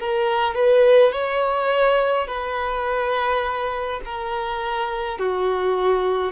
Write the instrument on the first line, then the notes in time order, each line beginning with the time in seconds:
violin
0.00 A#4
0.55 B4
1.12 C#5
2.28 B4
4.05 A#4
5.19 F#4